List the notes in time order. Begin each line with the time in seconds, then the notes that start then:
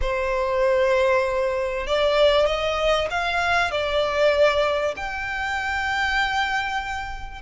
0.01 C5
1.86 D5
2.46 D#5
3.10 F5
3.71 D5
4.96 G5